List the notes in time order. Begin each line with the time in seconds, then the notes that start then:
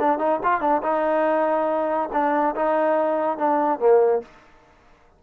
0.00 D4
0.19 D#4
0.44 F4
0.61 D4
0.83 D#4
2.13 D4
2.55 D#4
3.38 D4
3.79 A#3